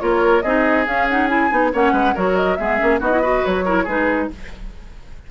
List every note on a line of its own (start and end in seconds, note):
0.00 0.44 A#3
0.00 0.43 F4
0.00 0.43 A#4
0.00 0.42 C#5
0.42 0.87 C4
0.42 0.86 D#4
0.42 1.72 G#4
0.42 0.85 D#5
0.86 1.08 C#4
0.86 1.51 C#4
0.86 1.09 F5
1.09 1.29 D#4
1.09 1.28 F#5
1.28 1.50 E4
1.28 1.71 G#5
1.51 1.73 B3
1.51 1.72 D#4
1.73 1.93 A#3
1.73 2.16 C#4
1.73 1.93 C#5
1.73 2.16 F#5
1.93 2.14 G#3
1.93 2.14 B4
2.15 2.59 F#3
2.15 2.59 F#4
2.15 2.57 A#4
2.15 2.36 C#5
2.36 2.56 D#5
2.56 2.81 G#3
2.56 2.79 B3
2.56 3.00 G#4
2.56 2.99 E5
2.79 3.01 A#3
2.79 3.00 C#4
3.00 3.44 B3
3.00 3.12 D#4
3.00 3.22 F#4
3.00 3.45 D#5
3.12 3.23 E4
3.22 3.66 F#4
3.22 3.65 B4
3.45 3.87 F#3
3.45 3.88 C#5
3.65 3.87 E4
3.65 3.84 A#4
3.84 4.29 G#3
3.84 4.31 D#4
3.84 4.27 G#4
3.84 4.31 B4